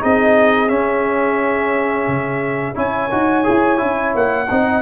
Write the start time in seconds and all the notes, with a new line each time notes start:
0.00 C4 D#4 G#4 D#5
0.69 C#4 E5
2.08 C#3
2.75 C#4 E4 C#5 G#5
3.11 D#4 F#4
3.44 E4 G#4
3.78 C#4 E4
4.15 A#3 F#5
4.50 C4 D#4 D#5